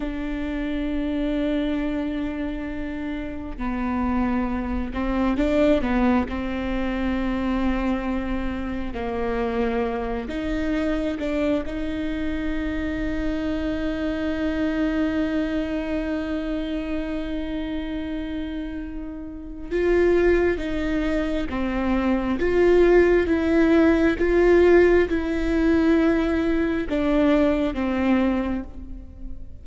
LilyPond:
\new Staff \with { instrumentName = "viola" } { \time 4/4 \tempo 4 = 67 d'1 | b4. c'8 d'8 b8 c'4~ | c'2 ais4. dis'8~ | dis'8 d'8 dis'2.~ |
dis'1~ | dis'2 f'4 dis'4 | c'4 f'4 e'4 f'4 | e'2 d'4 c'4 | }